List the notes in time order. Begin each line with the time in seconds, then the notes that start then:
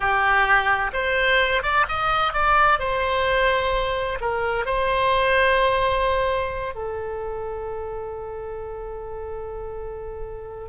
0.00 G4
0.93 C5
1.62 D5
1.88 D#5
2.33 D5
2.79 C5
4.20 A#4
4.65 C5
6.74 A4